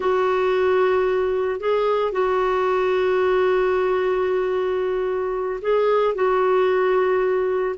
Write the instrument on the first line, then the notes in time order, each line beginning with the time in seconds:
clarinet
0.00 F#4
1.60 G#4
2.12 F#4
5.61 G#4
6.14 F#4